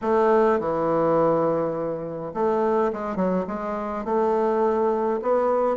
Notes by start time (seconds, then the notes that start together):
0.01 A3
0.59 E3
2.33 A3
2.92 G#3
3.15 F#3
3.47 G#3
4.05 A3
5.22 B3